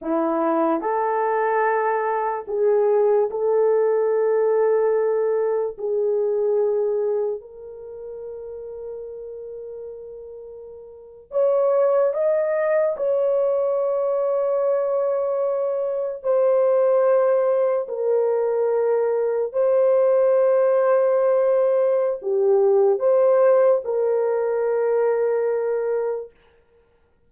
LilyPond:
\new Staff \with { instrumentName = "horn" } { \time 4/4 \tempo 4 = 73 e'4 a'2 gis'4 | a'2. gis'4~ | gis'4 ais'2.~ | ais'4.~ ais'16 cis''4 dis''4 cis''16~ |
cis''2.~ cis''8. c''16~ | c''4.~ c''16 ais'2 c''16~ | c''2. g'4 | c''4 ais'2. | }